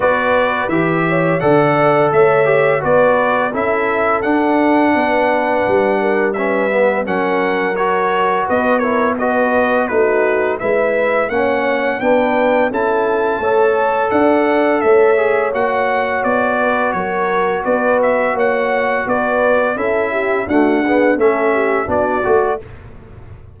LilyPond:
<<
  \new Staff \with { instrumentName = "trumpet" } { \time 4/4 \tempo 4 = 85 d''4 e''4 fis''4 e''4 | d''4 e''4 fis''2~ | fis''4 e''4 fis''4 cis''4 | dis''8 cis''8 dis''4 b'4 e''4 |
fis''4 g''4 a''2 | fis''4 e''4 fis''4 d''4 | cis''4 d''8 e''8 fis''4 d''4 | e''4 fis''4 e''4 d''4 | }
  \new Staff \with { instrumentName = "horn" } { \time 4/4 b'4. cis''8 d''4 cis''4 | b'4 a'2 b'4~ | b'8 ais'8 b'4 ais'2 | b'8 ais'8 b'4 fis'4 b'4 |
cis''4 b'4 a'4 cis''4 | d''4 cis''2~ cis''8 b'8 | ais'4 b'4 cis''4 b'4 | a'8 g'8 fis'8 gis'8 a'8 g'8 fis'4 | }
  \new Staff \with { instrumentName = "trombone" } { \time 4/4 fis'4 g'4 a'4. g'8 | fis'4 e'4 d'2~ | d'4 cis'8 b8 cis'4 fis'4~ | fis'8 e'8 fis'4 dis'4 e'4 |
cis'4 d'4 e'4 a'4~ | a'4. gis'8 fis'2~ | fis'1 | e'4 a8 b8 cis'4 d'8 fis'8 | }
  \new Staff \with { instrumentName = "tuba" } { \time 4/4 b4 e4 d4 a4 | b4 cis'4 d'4 b4 | g2 fis2 | b2 a4 gis4 |
ais4 b4 cis'4 a4 | d'4 a4 ais4 b4 | fis4 b4 ais4 b4 | cis'4 d'4 a4 b8 a8 | }
>>